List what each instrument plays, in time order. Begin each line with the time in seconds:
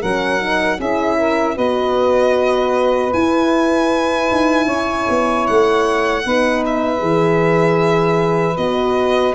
0.00 tuba F#3, horn C#4, saxophone A#4, violin F#5
0.39 horn D#4
0.77 tuba C#4, horn E4, saxophone G#4, violin E5
1.18 saxophone A#4
1.55 tuba B3, horn F#4, saxophone B4, violin D#5
3.12 horn E4, tuba E4, violin G#5
4.31 tuba D#4
4.66 tuba C#4, saxophone C#5
5.09 tuba B3
5.46 tuba A3, violin F#5
6.25 tuba B3, horn D#4, saxophone B4
6.65 violin E5
6.98 tuba E3, horn G#4
8.57 tuba B3, horn F#4, violin D#5